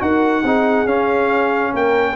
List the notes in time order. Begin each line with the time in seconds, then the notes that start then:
0.00 D#4 F#4 A#4 F#5
0.43 C4 D#4 G#4
0.86 C#4 F5
1.73 A#3 A#4 G5